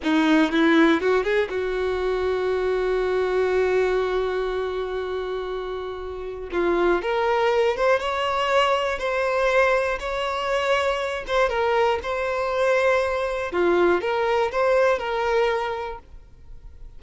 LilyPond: \new Staff \with { instrumentName = "violin" } { \time 4/4 \tempo 4 = 120 dis'4 e'4 fis'8 gis'8 fis'4~ | fis'1~ | fis'1~ | fis'4 f'4 ais'4. c''8 |
cis''2 c''2 | cis''2~ cis''8 c''8 ais'4 | c''2. f'4 | ais'4 c''4 ais'2 | }